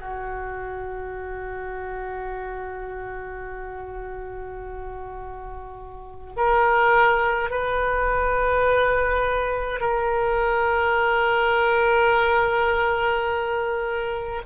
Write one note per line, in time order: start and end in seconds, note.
0.00 6.35 F#4
6.36 7.50 A#4
7.50 9.80 B4
9.80 14.42 A#4